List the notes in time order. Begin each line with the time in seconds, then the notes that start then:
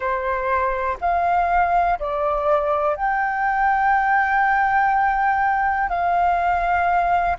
0.00 C5
1.00 F5
1.99 D5
2.96 G5
5.89 F5